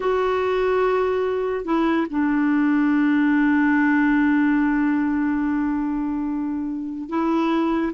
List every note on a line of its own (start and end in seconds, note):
0.00 1.65 F#4
1.65 2.06 E4
2.10 7.09 D4
7.09 7.92 E4